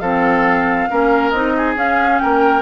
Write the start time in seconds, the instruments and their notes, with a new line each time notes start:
0.00 bassoon F3, clarinet C4, oboe A4, flute F5
0.89 bassoon A#3, clarinet C#4, oboe A#4
1.30 bassoon C4, clarinet D#4, flute D#5
1.57 oboe G#4
1.76 bassoon C#4, clarinet C#4, flute F5
2.19 bassoon A#3, oboe A#4, flute G5